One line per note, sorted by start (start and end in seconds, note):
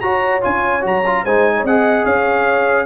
0.00 0.42 F#4
0.00 0.41 F#4
0.00 1.23 C#5
0.00 0.41 A#5
0.41 0.85 C#4
0.41 0.81 F4
0.41 0.84 G#5
0.81 1.25 F#3
0.81 1.01 F#4
0.81 1.24 A#5
1.06 1.26 F4
1.23 1.64 G#3
1.23 1.67 D#4
1.23 1.53 C5
1.23 1.65 G#5
1.56 1.64 C#5
1.64 2.04 C4
1.64 2.86 G#4
1.64 2.05 D#5
1.64 2.05 F#5
2.05 2.86 C#4
2.05 2.86 C#5
2.05 2.86 F5